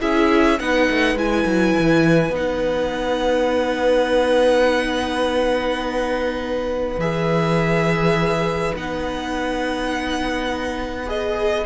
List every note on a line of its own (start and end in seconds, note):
0.00 0.60 C#4
0.00 0.58 E4
0.00 0.58 G#4
0.00 0.59 E5
0.59 0.89 B3
0.59 1.17 D#4
0.59 11.66 B4
0.59 1.17 F#5
0.90 1.15 A3
1.15 1.44 G#3
1.15 2.33 E4
1.15 2.35 G#5
1.45 1.75 F#3
1.79 2.30 E3
2.30 6.96 B3
2.30 7.00 D#4
2.36 7.00 F#5
6.98 8.73 E3
6.98 8.75 G#4
6.98 8.75 E5
8.76 11.66 B3
8.76 11.06 D#4
8.76 11.09 F#5
11.06 11.65 G#4
11.06 11.66 D#5